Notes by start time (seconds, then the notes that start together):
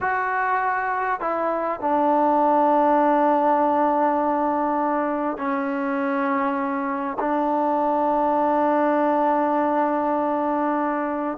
0.00 F#4
1.20 E4
1.80 D4
5.37 C#4
7.19 D4